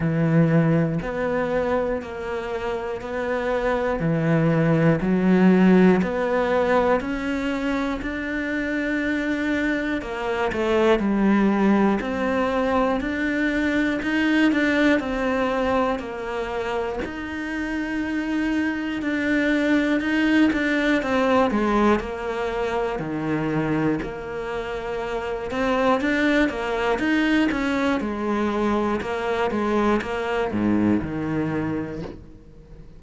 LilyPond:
\new Staff \with { instrumentName = "cello" } { \time 4/4 \tempo 4 = 60 e4 b4 ais4 b4 | e4 fis4 b4 cis'4 | d'2 ais8 a8 g4 | c'4 d'4 dis'8 d'8 c'4 |
ais4 dis'2 d'4 | dis'8 d'8 c'8 gis8 ais4 dis4 | ais4. c'8 d'8 ais8 dis'8 cis'8 | gis4 ais8 gis8 ais8 gis,8 dis4 | }